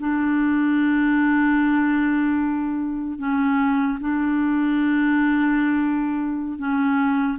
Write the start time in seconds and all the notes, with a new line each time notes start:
0.00 D4
3.19 C#4
4.00 D4
6.59 C#4